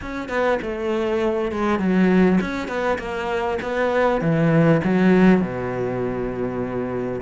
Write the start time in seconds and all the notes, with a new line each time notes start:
0.01 C#4
0.28 B3
0.61 A3
1.51 G#3
1.79 F#3
2.40 C#4
2.68 B3
2.98 A#3
3.62 B3
4.21 E3
4.84 F#3
5.41 B2